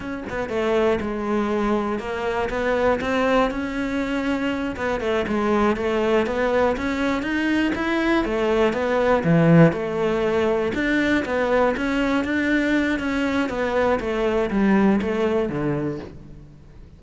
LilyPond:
\new Staff \with { instrumentName = "cello" } { \time 4/4 \tempo 4 = 120 cis'8 b8 a4 gis2 | ais4 b4 c'4 cis'4~ | cis'4. b8 a8 gis4 a8~ | a8 b4 cis'4 dis'4 e'8~ |
e'8 a4 b4 e4 a8~ | a4. d'4 b4 cis'8~ | cis'8 d'4. cis'4 b4 | a4 g4 a4 d4 | }